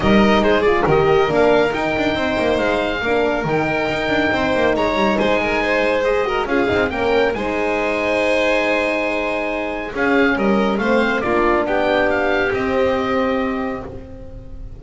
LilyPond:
<<
  \new Staff \with { instrumentName = "oboe" } { \time 4/4 \tempo 4 = 139 dis''4 c''8 d''8 dis''4 f''4 | g''2 f''2 | g''2. ais''4 | gis''2 dis''4 f''4 |
g''4 gis''2.~ | gis''2. f''4 | dis''4 f''4 d''4 g''4 | f''4 dis''2. | }
  \new Staff \with { instrumentName = "violin" } { \time 4/4 ais'4 gis'4 ais'2~ | ais'4 c''2 ais'4~ | ais'2 c''4 cis''4 | c''8 ais'8 c''4. ais'8 gis'4 |
ais'4 c''2.~ | c''2. gis'4 | ais'4 c''4 f'4 g'4~ | g'1 | }
  \new Staff \with { instrumentName = "horn" } { \time 4/4 dis'4. f'8 g'4 d'4 | dis'2. d'4 | dis'1~ | dis'2 gis'8 fis'8 f'8 dis'8 |
cis'4 dis'2.~ | dis'2. cis'4~ | cis'4 c'4 d'2~ | d'4 c'2. | }
  \new Staff \with { instrumentName = "double bass" } { \time 4/4 g4 gis4 dis4 ais4 | dis'8 d'8 c'8 ais8 gis4 ais4 | dis4 dis'8 d'8 c'8 ais8 gis8 g8 | gis2. cis'8 c'8 |
ais4 gis2.~ | gis2. cis'4 | g4 a4 ais4 b4~ | b4 c'2. | }
>>